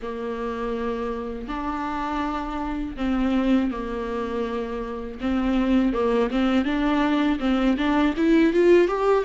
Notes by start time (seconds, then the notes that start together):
0.02 A#3
1.47 D4
2.96 C4
3.70 A#3
5.20 C4
5.93 A#3
6.31 C4
6.64 D4
7.39 C4
7.77 D4
8.16 E4
8.53 F4
8.87 G4